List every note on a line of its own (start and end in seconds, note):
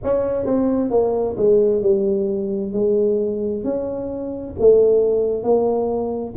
0.03 0.45 C#4
0.45 0.90 C4
0.90 1.36 A#3
1.37 1.81 G#3
1.81 2.72 G3
2.73 3.64 G#3
3.64 4.55 C#4
4.59 5.43 A3
5.43 6.34 A#3